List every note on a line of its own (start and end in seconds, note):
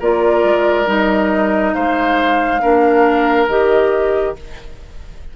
0.00 0.44 A#3
0.00 0.86 F4
0.00 1.74 A#4
0.00 0.89 D5
0.44 0.87 G#3
0.86 1.74 G3
0.86 2.60 D#4
0.86 1.74 D#5
1.74 2.63 G#3
1.74 2.62 C5
1.74 3.48 F5
2.61 3.48 A#3
2.61 3.48 D4
2.61 4.36 A#4
3.48 4.35 D#3
3.48 4.36 G4
3.48 4.36 D#5